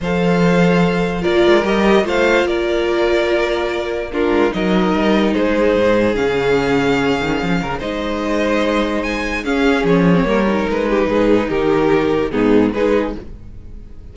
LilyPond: <<
  \new Staff \with { instrumentName = "violin" } { \time 4/4 \tempo 4 = 146 f''2. d''4 | dis''4 f''4 d''2~ | d''2 ais'4 dis''4~ | dis''4 c''2 f''4~ |
f''2. dis''4~ | dis''2 gis''4 f''4 | cis''2 b'2 | ais'2 gis'4 b'4 | }
  \new Staff \with { instrumentName = "violin" } { \time 4/4 c''2. ais'4~ | ais'4 c''4 ais'2~ | ais'2 f'4 ais'4~ | ais'4 gis'2.~ |
gis'2~ gis'8 ais'8 c''4~ | c''2. gis'4~ | gis'4 ais'4. g'8 gis'4 | g'2 dis'4 gis'4 | }
  \new Staff \with { instrumentName = "viola" } { \time 4/4 a'2. f'4 | g'4 f'2.~ | f'2 d'4 dis'4~ | dis'2. cis'4~ |
cis'2. dis'4~ | dis'2. cis'4~ | cis'8. c'16 ais8 dis'2~ dis'8~ | dis'2 b4 dis'4 | }
  \new Staff \with { instrumentName = "cello" } { \time 4/4 f2. ais8 gis8 | g4 a4 ais2~ | ais2~ ais8 gis8 fis4 | g4 gis4 gis,4 cis4~ |
cis4. dis8 f8 cis8 gis4~ | gis2. cis'4 | f4 g4 gis4 gis,4 | dis2 gis,4 gis4 | }
>>